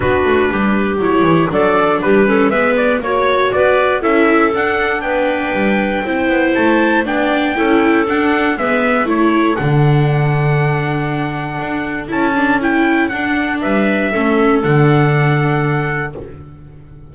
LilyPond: <<
  \new Staff \with { instrumentName = "trumpet" } { \time 4/4 \tempo 4 = 119 b'2 cis''4 d''4 | b'4 e''8 d''8 cis''4 d''4 | e''4 fis''4 g''2~ | g''4 a''4 g''2 |
fis''4 e''4 cis''4 fis''4~ | fis''1 | a''4 g''4 fis''4 e''4~ | e''4 fis''2. | }
  \new Staff \with { instrumentName = "clarinet" } { \time 4/4 fis'4 g'2 a'4 | g'8 a'8 b'4 cis''4 b'4 | a'2 b'2 | c''2 d''4 a'4~ |
a'4 b'4 a'2~ | a'1~ | a'2. b'4 | a'1 | }
  \new Staff \with { instrumentName = "viola" } { \time 4/4 d'2 e'4 d'4~ | d'8 cis'8 b4 fis'2 | e'4 d'2. | e'2 d'4 e'4 |
d'4 b4 e'4 d'4~ | d'1 | e'8 d'8 e'4 d'2 | cis'4 d'2. | }
  \new Staff \with { instrumentName = "double bass" } { \time 4/4 b8 a8 g4 fis8 e8 fis4 | g4 gis4 ais4 b4 | cis'4 d'4 b4 g4 | c'8 b8 a4 b4 cis'4 |
d'4 gis4 a4 d4~ | d2. d'4 | cis'2 d'4 g4 | a4 d2. | }
>>